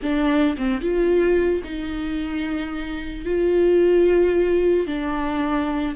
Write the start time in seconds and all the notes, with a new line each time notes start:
0.02 D4
0.57 C4
0.81 F4
1.63 D#4
3.25 F4
4.86 D4